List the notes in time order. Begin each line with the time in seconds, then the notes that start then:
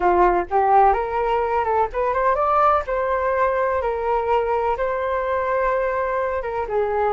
0.00 F4
0.50 G4
0.93 A#4
1.64 A4
1.92 B4
2.13 C5
2.35 D5
2.86 C5
3.81 A#4
4.77 C5
6.42 A#4
6.68 G#4